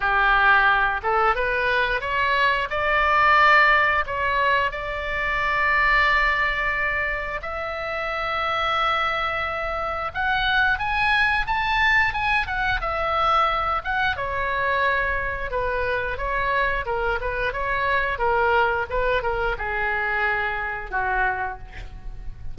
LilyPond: \new Staff \with { instrumentName = "oboe" } { \time 4/4 \tempo 4 = 89 g'4. a'8 b'4 cis''4 | d''2 cis''4 d''4~ | d''2. e''4~ | e''2. fis''4 |
gis''4 a''4 gis''8 fis''8 e''4~ | e''8 fis''8 cis''2 b'4 | cis''4 ais'8 b'8 cis''4 ais'4 | b'8 ais'8 gis'2 fis'4 | }